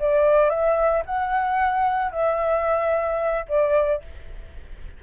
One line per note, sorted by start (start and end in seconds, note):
0.00 0.50 D5
0.50 1.03 E5
1.06 2.12 F#5
2.12 3.46 E5
3.49 4.02 D5